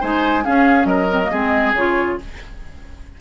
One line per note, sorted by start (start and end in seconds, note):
0.00 0.46 G#3
0.00 0.43 D#4
0.00 0.43 C5
0.00 0.44 G#5
0.43 1.09 C#4
0.43 0.85 C#4
0.43 0.87 G#4
0.43 0.85 F5
0.85 1.28 F#3
0.85 1.30 A#4
0.85 1.72 D#5
1.10 1.21 C4
1.23 1.33 A#3
1.31 1.73 G#3
1.31 1.76 C4
1.31 2.18 G#4
1.73 2.16 C#3
1.73 2.20 F4
1.73 2.20 C#5